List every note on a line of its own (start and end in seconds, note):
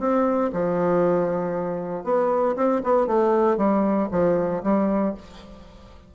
0.00 0.51 C4
0.53 2.04 F3
2.04 2.56 B3
2.56 2.82 C4
2.84 3.07 B3
3.07 3.58 A3
3.58 4.09 G3
4.12 4.63 F3
4.63 5.15 G3